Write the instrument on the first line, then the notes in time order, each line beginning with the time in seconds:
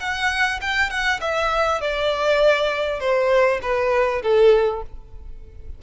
violin
0.00 F#5
0.61 G5
0.90 F#5
1.21 E5
1.81 D5
3.00 C5
3.62 B4
4.22 A4